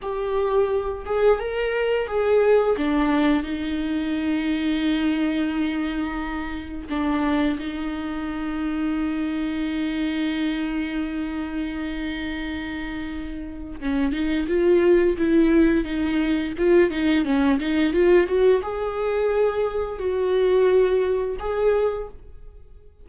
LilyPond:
\new Staff \with { instrumentName = "viola" } { \time 4/4 \tempo 4 = 87 g'4. gis'8 ais'4 gis'4 | d'4 dis'2.~ | dis'2 d'4 dis'4~ | dis'1~ |
dis'1 | cis'8 dis'8 f'4 e'4 dis'4 | f'8 dis'8 cis'8 dis'8 f'8 fis'8 gis'4~ | gis'4 fis'2 gis'4 | }